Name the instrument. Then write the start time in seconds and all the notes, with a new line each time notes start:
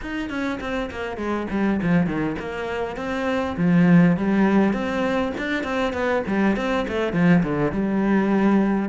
cello
0.01 D#4
0.29 C#4
0.60 C4
0.90 A#3
1.17 G#3
1.50 G3
1.82 F3
2.06 D#3
2.39 A#3
2.96 C4
3.57 F3
4.16 G3
4.73 C4
5.37 D4
5.63 C4
5.93 B3
6.26 G3
6.56 C4
6.87 A3
7.13 F3
7.43 D3
7.72 G3